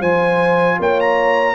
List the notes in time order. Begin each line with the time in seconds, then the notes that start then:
0.00 F3 F4 C5 G#5
0.79 A#3 C#5 G5
1.00 A#5